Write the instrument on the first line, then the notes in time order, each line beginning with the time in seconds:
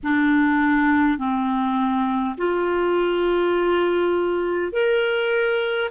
clarinet
0.03 D4
1.18 C4
2.37 F4
4.72 A#4